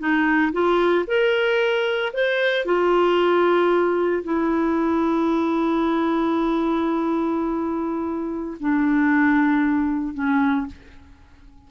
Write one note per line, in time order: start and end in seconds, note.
0.00 0.53 D#4
0.53 1.06 F4
1.08 2.13 A#4
2.14 2.66 C5
2.66 4.24 F4
4.24 8.58 E4
8.61 10.14 D4
10.14 10.67 C#4